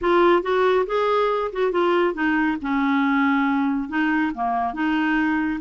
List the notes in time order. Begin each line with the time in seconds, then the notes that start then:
0.01 F4
0.42 F#4
0.86 G#4
1.52 F#4
1.71 F4
2.14 D#4
2.61 C#4
3.88 D#4
4.34 A#3
4.73 D#4